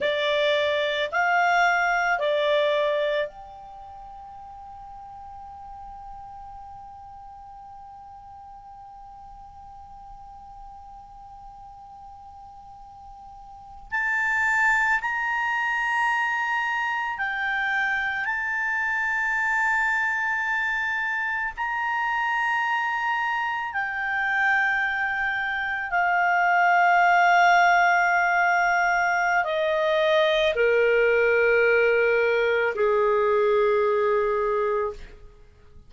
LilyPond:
\new Staff \with { instrumentName = "clarinet" } { \time 4/4 \tempo 4 = 55 d''4 f''4 d''4 g''4~ | g''1~ | g''1~ | g''8. a''4 ais''2 g''16~ |
g''8. a''2. ais''16~ | ais''4.~ ais''16 g''2 f''16~ | f''2. dis''4 | ais'2 gis'2 | }